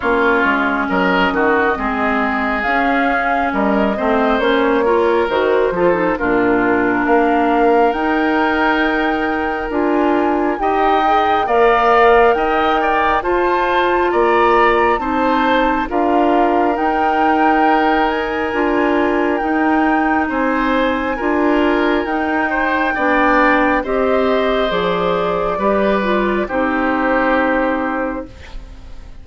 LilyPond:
<<
  \new Staff \with { instrumentName = "flute" } { \time 4/4 \tempo 4 = 68 cis''4 dis''2 f''4 | dis''4 cis''4 c''4 ais'4 | f''4 g''2 gis''4 | g''4 f''4 g''4 a''4 |
ais''4 a''4 f''4 g''4~ | g''8 gis''4. g''4 gis''4~ | gis''4 g''2 dis''4 | d''2 c''2 | }
  \new Staff \with { instrumentName = "oboe" } { \time 4/4 f'4 ais'8 fis'8 gis'2 | ais'8 c''4 ais'4 a'8 f'4 | ais'1 | dis''4 d''4 dis''8 d''8 c''4 |
d''4 c''4 ais'2~ | ais'2. c''4 | ais'4. c''8 d''4 c''4~ | c''4 b'4 g'2 | }
  \new Staff \with { instrumentName = "clarinet" } { \time 4/4 cis'2 c'4 cis'4~ | cis'8 c'8 cis'8 f'8 fis'8 f'16 dis'16 d'4~ | d'4 dis'2 f'4 | g'8 gis'8 ais'2 f'4~ |
f'4 dis'4 f'4 dis'4~ | dis'4 f'4 dis'2 | f'4 dis'4 d'4 g'4 | gis'4 g'8 f'8 dis'2 | }
  \new Staff \with { instrumentName = "bassoon" } { \time 4/4 ais8 gis8 fis8 dis8 gis4 cis'4 | g8 a8 ais4 dis8 f8 ais,4 | ais4 dis'2 d'4 | dis'4 ais4 dis'4 f'4 |
ais4 c'4 d'4 dis'4~ | dis'4 d'4 dis'4 c'4 | d'4 dis'4 b4 c'4 | f4 g4 c'2 | }
>>